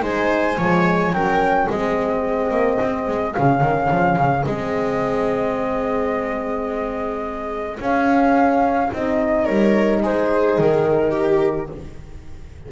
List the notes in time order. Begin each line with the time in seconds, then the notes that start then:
0.00 G#3 D#4 C5 G#5
0.58 F3 G#3 C#5
1.12 F#3 C#4 A#4 G5
1.68 G#3 C4 G#4 D#5
2.51 A#3
2.81 C4
3.08 G#3
3.33 C#3 C#4 F5
3.61 D#3
3.91 F3
4.16 C#3
4.45 G#3 C4 D#5
7.79 C#4 F5
8.91 C4 D#4 D#5
9.45 G3 A#4 C#5
10.03 G#3 G#4 C5
10.58 D#3 A#4
11.10 G4